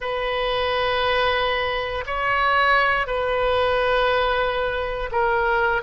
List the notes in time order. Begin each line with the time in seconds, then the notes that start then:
0.00 B4
2.06 C#5
3.06 B4
5.11 A#4